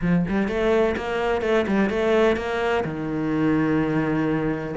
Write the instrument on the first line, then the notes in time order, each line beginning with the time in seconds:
cello
0.01 F3
0.28 G3
0.47 A3
0.96 A#3
1.41 A3
1.67 G3
1.89 A3
2.36 A#3
2.84 D#3